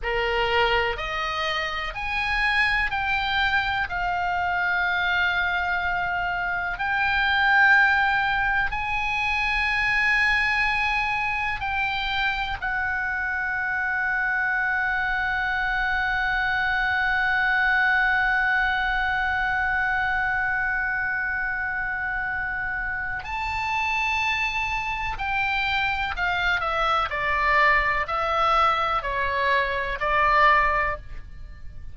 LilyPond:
\new Staff \with { instrumentName = "oboe" } { \time 4/4 \tempo 4 = 62 ais'4 dis''4 gis''4 g''4 | f''2. g''4~ | g''4 gis''2. | g''4 fis''2.~ |
fis''1~ | fis''1 | a''2 g''4 f''8 e''8 | d''4 e''4 cis''4 d''4 | }